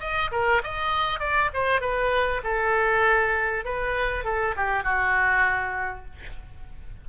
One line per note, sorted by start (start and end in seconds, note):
0.00 0.30 D#5
0.31 0.62 A#4
0.63 1.20 D#5
1.20 1.50 D5
1.53 1.81 C5
1.81 2.41 B4
2.44 3.64 A4
3.64 4.24 B4
4.24 4.55 A4
4.56 4.83 G4
4.83 6.05 F#4